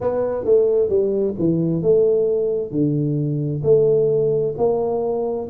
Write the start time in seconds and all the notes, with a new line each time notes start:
0.00 B3
0.45 A3
0.88 G3
1.38 E3
1.82 A3
2.71 D3
3.63 A3
4.57 A#3